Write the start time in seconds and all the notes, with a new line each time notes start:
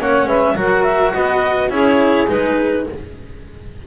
0.00 A#3 C#4 C#5 F#5
0.26 G#3 B4 E5
0.56 F#3 F#4 A#4 F#5
0.84 E5
1.14 B3 B4 D#5
1.70 C#4 E4 G#4 C#5
2.28 G#3 D#4 B4